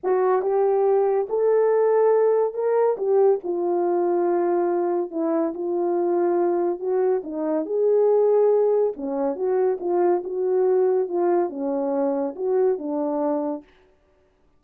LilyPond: \new Staff \with { instrumentName = "horn" } { \time 4/4 \tempo 4 = 141 fis'4 g'2 a'4~ | a'2 ais'4 g'4 | f'1 | e'4 f'2. |
fis'4 dis'4 gis'2~ | gis'4 cis'4 fis'4 f'4 | fis'2 f'4 cis'4~ | cis'4 fis'4 d'2 | }